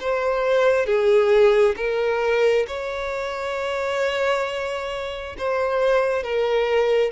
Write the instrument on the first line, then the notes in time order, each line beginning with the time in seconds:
violin
0.00 C5
0.86 G#4
1.76 A#4
2.67 C#5
5.38 C5
6.23 A#4